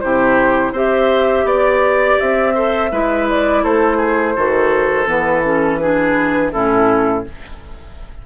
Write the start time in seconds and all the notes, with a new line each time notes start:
0.00 C3 E4 G4 C5
0.71 C4 G4 C5 E5
1.44 B3 D5
2.19 C4 E5
2.54 A4 C5
2.91 G#3 E4 B4
3.29 D5
3.63 A3 A4 C5
3.97 G#4
4.36 D#3 F#4 A4
5.05 E3 B3 B4
5.44 C#4 A4
5.77 D4 G#4 B4
6.52 A2 C#4 E4 A4